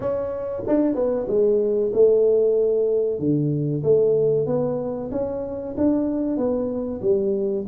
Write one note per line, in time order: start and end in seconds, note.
0.00 0.63 C#4
0.67 0.94 D4
0.94 1.26 B3
1.27 1.91 G#3
1.93 3.19 A3
3.19 3.82 D3
3.83 4.46 A3
4.46 5.10 B3
5.11 5.74 C#4
5.77 6.37 D4
6.37 7.01 B3
7.01 7.65 G3